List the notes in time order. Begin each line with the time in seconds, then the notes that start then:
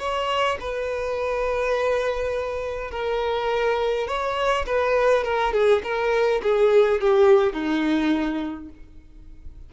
0.00 C#5
0.61 B4
2.92 A#4
4.08 C#5
4.67 B4
5.24 A#4
5.53 G#4
5.84 A#4
6.43 G#4
7.01 G4
7.53 D#4